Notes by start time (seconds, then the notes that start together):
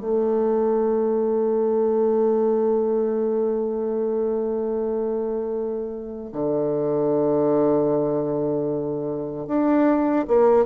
0.00 A3
6.32 D3
9.47 D4
10.27 A#3